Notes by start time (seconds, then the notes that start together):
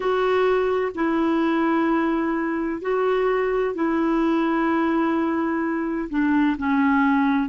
0.00 F#4
0.95 E4
2.81 F#4
3.74 E4
6.09 D4
6.58 C#4